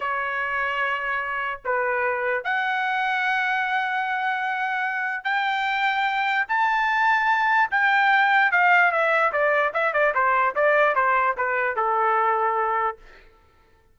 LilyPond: \new Staff \with { instrumentName = "trumpet" } { \time 4/4 \tempo 4 = 148 cis''1 | b'2 fis''2~ | fis''1~ | fis''4 g''2. |
a''2. g''4~ | g''4 f''4 e''4 d''4 | e''8 d''8 c''4 d''4 c''4 | b'4 a'2. | }